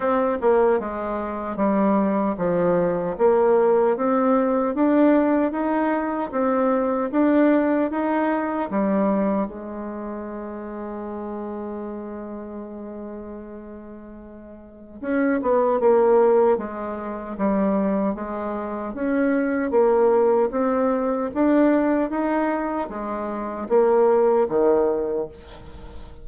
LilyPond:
\new Staff \with { instrumentName = "bassoon" } { \time 4/4 \tempo 4 = 76 c'8 ais8 gis4 g4 f4 | ais4 c'4 d'4 dis'4 | c'4 d'4 dis'4 g4 | gis1~ |
gis2. cis'8 b8 | ais4 gis4 g4 gis4 | cis'4 ais4 c'4 d'4 | dis'4 gis4 ais4 dis4 | }